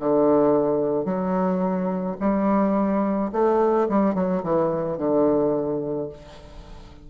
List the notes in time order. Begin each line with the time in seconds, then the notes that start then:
0.00 D3
1.05 F#3
2.21 G3
3.33 A3
3.89 G3
4.15 F#3
4.43 E3
4.98 D3